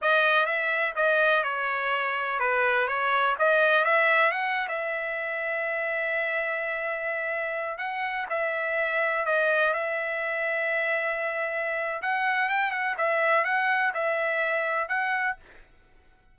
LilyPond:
\new Staff \with { instrumentName = "trumpet" } { \time 4/4 \tempo 4 = 125 dis''4 e''4 dis''4 cis''4~ | cis''4 b'4 cis''4 dis''4 | e''4 fis''8. e''2~ e''16~ | e''1~ |
e''16 fis''4 e''2 dis''8.~ | dis''16 e''2.~ e''8.~ | e''4 fis''4 g''8 fis''8 e''4 | fis''4 e''2 fis''4 | }